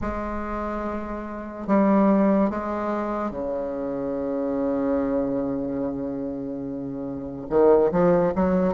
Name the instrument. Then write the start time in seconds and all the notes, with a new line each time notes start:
bassoon
0.01 G#3
1.67 G3
2.50 G#3
3.30 C#3
7.49 D#3
7.91 F3
8.35 F#3